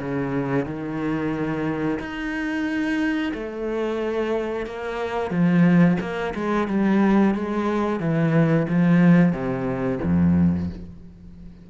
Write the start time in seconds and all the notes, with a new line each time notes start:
0.00 C#3
0.66 D#3
1.99 D#4
3.34 A3
4.67 A#3
5.31 F3
6.01 A#3
6.35 G#3
6.68 G3
7.35 G#3
8.00 E3
8.69 F3
9.33 C3
10.03 F2